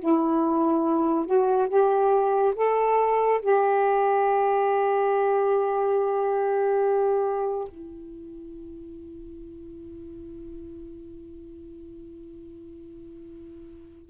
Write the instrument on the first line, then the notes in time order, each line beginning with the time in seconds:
saxophone
0.00 E4
1.26 F#4
1.69 G4
2.55 A4
3.42 G4
7.68 E4